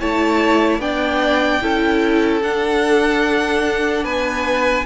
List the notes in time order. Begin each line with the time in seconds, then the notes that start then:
0.00 A3 E4 C#5 A5
0.78 B3 D4 D5 G5
1.61 C#4 E4 A4
2.42 D4 F#5
4.04 B3 B4 G#5